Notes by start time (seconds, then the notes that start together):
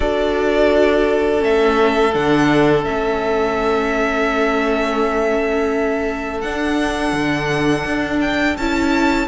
0.00 D4 F#4 A4 D5
1.38 A3 C#4 E5
2.13 D3 D4 F#5
2.84 A3 C#4 E5
6.40 D4 F#5
7.12 D3
7.85 D4
8.20 G5
8.57 C#4 E4 A5